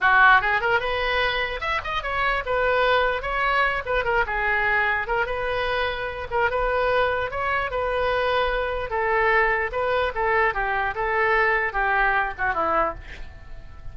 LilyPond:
\new Staff \with { instrumentName = "oboe" } { \time 4/4 \tempo 4 = 148 fis'4 gis'8 ais'8 b'2 | e''8 dis''8 cis''4 b'2 | cis''4. b'8 ais'8 gis'4.~ | gis'8 ais'8 b'2~ b'8 ais'8 |
b'2 cis''4 b'4~ | b'2 a'2 | b'4 a'4 g'4 a'4~ | a'4 g'4. fis'8 e'4 | }